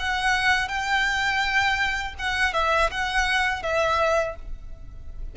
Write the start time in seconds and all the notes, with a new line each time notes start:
0.00 F#5
0.69 G5
2.19 F#5
2.54 E5
2.91 F#5
3.63 E5